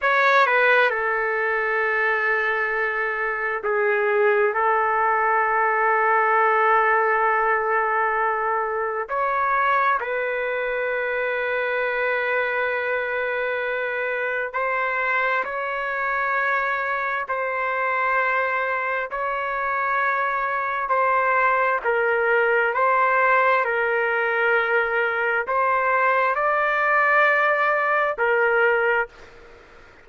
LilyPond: \new Staff \with { instrumentName = "trumpet" } { \time 4/4 \tempo 4 = 66 cis''8 b'8 a'2. | gis'4 a'2.~ | a'2 cis''4 b'4~ | b'1 |
c''4 cis''2 c''4~ | c''4 cis''2 c''4 | ais'4 c''4 ais'2 | c''4 d''2 ais'4 | }